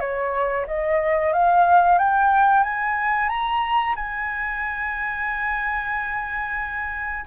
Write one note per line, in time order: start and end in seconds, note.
0.00 0.66 C#5
0.67 1.33 D#5
1.33 1.98 F5
1.98 2.63 G5
2.63 3.29 G#5
3.29 3.95 A#5
3.96 7.25 G#5